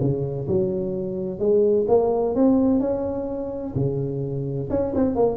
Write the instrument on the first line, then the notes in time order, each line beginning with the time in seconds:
tuba
0.00 C#3
0.48 F#3
1.39 G#3
1.88 A#3
2.35 C4
2.80 C#4
3.75 C#3
4.70 C#4
4.95 C4
5.15 A#3